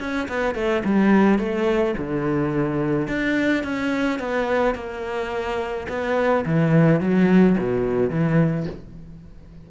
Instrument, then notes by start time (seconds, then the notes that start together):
cello
0.00 C#4
0.29 B3
0.55 A3
0.85 G3
1.39 A3
1.98 D3
3.08 D4
3.64 C#4
4.20 B3
4.75 A#3
5.89 B3
6.46 E3
7.01 F#3
7.59 B2
8.11 E3